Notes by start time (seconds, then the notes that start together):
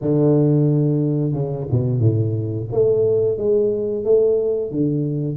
0.01 D3
1.32 C#3
1.71 B2
1.99 A2
2.72 A3
3.37 G#3
4.04 A3
4.71 D3